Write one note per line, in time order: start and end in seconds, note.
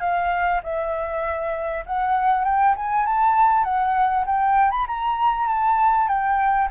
0.00 0.61 F5
0.63 1.84 E5
1.86 2.45 F#5
2.45 2.75 G5
2.76 3.06 G#5
3.06 3.64 A5
3.64 4.25 F#5
4.26 4.71 G5
4.71 4.86 B5
4.87 5.47 A#5
5.47 6.08 A5
6.08 6.69 G5